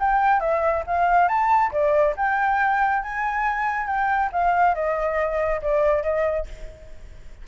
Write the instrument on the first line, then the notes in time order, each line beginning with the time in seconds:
flute
0.00 G5
0.41 E5
0.87 F5
1.29 A5
1.72 D5
2.17 G5
3.03 G#5
3.87 G5
4.32 F5
4.75 D#5
5.62 D5
6.03 D#5